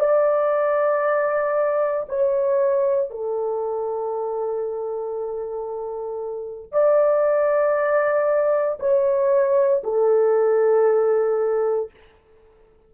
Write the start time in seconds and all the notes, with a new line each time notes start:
0.00 D5
2.09 C#5
3.11 A4
6.72 D5
8.80 C#5
9.84 A4